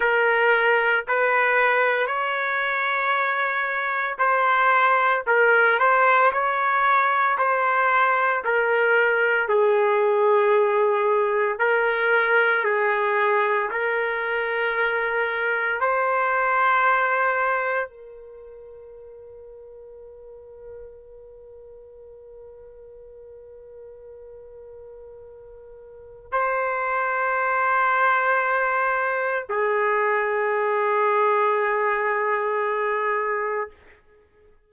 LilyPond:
\new Staff \with { instrumentName = "trumpet" } { \time 4/4 \tempo 4 = 57 ais'4 b'4 cis''2 | c''4 ais'8 c''8 cis''4 c''4 | ais'4 gis'2 ais'4 | gis'4 ais'2 c''4~ |
c''4 ais'2.~ | ais'1~ | ais'4 c''2. | gis'1 | }